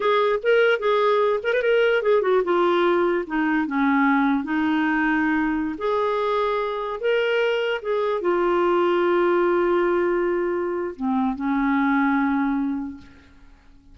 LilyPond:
\new Staff \with { instrumentName = "clarinet" } { \time 4/4 \tempo 4 = 148 gis'4 ais'4 gis'4. ais'16 b'16 | ais'4 gis'8 fis'8 f'2 | dis'4 cis'2 dis'4~ | dis'2~ dis'16 gis'4.~ gis'16~ |
gis'4~ gis'16 ais'2 gis'8.~ | gis'16 f'2.~ f'8.~ | f'2. c'4 | cis'1 | }